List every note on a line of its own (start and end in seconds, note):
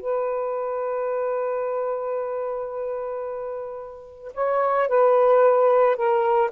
0.00 4.32 B4
4.34 4.88 C#5
4.88 5.96 B4
5.96 6.50 A#4